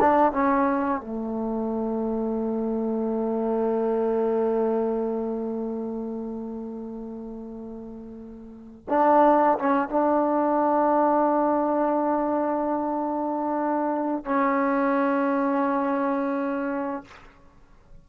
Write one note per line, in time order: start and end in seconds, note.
0.00 0.33 D4
0.33 1.01 C#4
1.01 8.86 A3
8.89 9.59 D4
9.59 9.89 C#4
9.89 14.25 D4
14.25 17.04 C#4